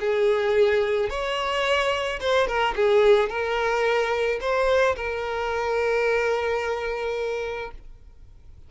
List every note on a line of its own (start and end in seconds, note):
0.00 1.10 G#4
1.10 2.20 C#5
2.20 2.47 C5
2.47 2.74 A#4
2.76 3.29 G#4
3.29 4.39 A#4
4.41 4.96 C5
4.96 7.71 A#4